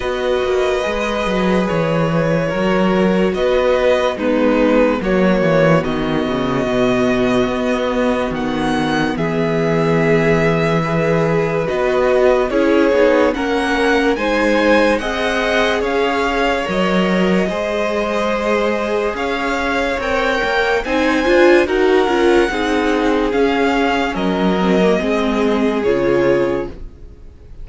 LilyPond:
<<
  \new Staff \with { instrumentName = "violin" } { \time 4/4 \tempo 4 = 72 dis''2 cis''2 | dis''4 b'4 cis''4 dis''4~ | dis''2 fis''4 e''4~ | e''2 dis''4 cis''4 |
fis''4 gis''4 fis''4 f''4 | dis''2. f''4 | g''4 gis''4 fis''2 | f''4 dis''2 cis''4 | }
  \new Staff \with { instrumentName = "violin" } { \time 4/4 b'2. ais'4 | b'4 dis'4 fis'2~ | fis'2. gis'4~ | gis'4 b'2 gis'4 |
ais'4 c''4 dis''4 cis''4~ | cis''4 c''2 cis''4~ | cis''4 c''4 ais'4 gis'4~ | gis'4 ais'4 gis'2 | }
  \new Staff \with { instrumentName = "viola" } { \time 4/4 fis'4 gis'2 fis'4~ | fis'4 b4 ais4 b4~ | b1~ | b4 gis'4 fis'4 e'8 dis'8 |
cis'4 dis'4 gis'2 | ais'4 gis'2. | ais'4 dis'8 f'8 fis'8 f'8 dis'4 | cis'4. c'16 ais16 c'4 f'4 | }
  \new Staff \with { instrumentName = "cello" } { \time 4/4 b8 ais8 gis8 fis8 e4 fis4 | b4 gis4 fis8 e8 dis8 cis8 | b,4 b4 dis4 e4~ | e2 b4 cis'8 b8 |
ais4 gis4 c'4 cis'4 | fis4 gis2 cis'4 | c'8 ais8 c'8 d'8 dis'8 cis'8 c'4 | cis'4 fis4 gis4 cis4 | }
>>